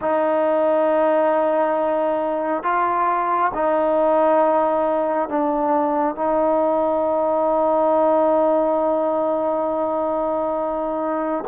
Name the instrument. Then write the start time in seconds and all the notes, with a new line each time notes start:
trombone
0.01 D#4
2.63 F4
3.53 D#4
5.29 D4
6.15 D#4